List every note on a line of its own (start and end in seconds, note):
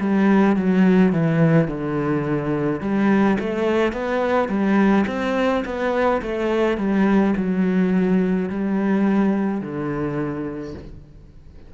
0.00 0.56 G3
0.56 1.12 F#3
1.12 1.68 E3
1.68 2.80 D3
2.80 3.37 G3
3.39 3.93 A3
3.93 4.48 B3
4.48 5.05 G3
5.07 5.63 C4
5.64 6.21 B3
6.22 6.78 A3
6.78 7.34 G3
7.36 8.49 F#3
8.49 9.61 G3
9.61 10.74 D3